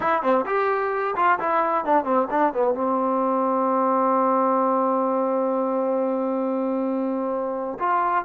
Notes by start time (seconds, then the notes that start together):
0.00 E4
0.22 C4
0.46 G4
1.16 F4
1.39 E4
1.84 D4
2.04 C4
2.30 D4
2.53 B3
2.74 C4
7.79 F4